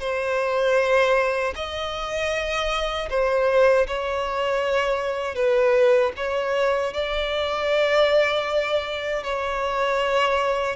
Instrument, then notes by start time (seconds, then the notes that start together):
violin
0.00 C5
1.55 D#5
3.10 C5
3.87 C#5
5.35 B4
6.17 C#5
6.93 D5
9.24 C#5